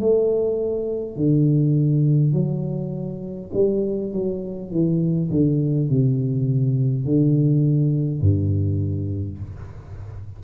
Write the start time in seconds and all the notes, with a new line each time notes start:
0.00 A3
1.16 D3
2.33 F#3
3.53 G3
4.13 F#3
4.71 E3
5.30 D3
5.89 C3
7.05 D3
8.21 G2